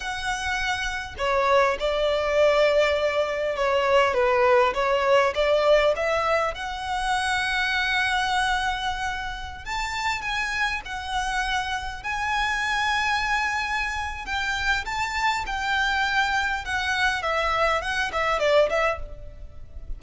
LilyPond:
\new Staff \with { instrumentName = "violin" } { \time 4/4 \tempo 4 = 101 fis''2 cis''4 d''4~ | d''2 cis''4 b'4 | cis''4 d''4 e''4 fis''4~ | fis''1~ |
fis''16 a''4 gis''4 fis''4.~ fis''16~ | fis''16 gis''2.~ gis''8. | g''4 a''4 g''2 | fis''4 e''4 fis''8 e''8 d''8 e''8 | }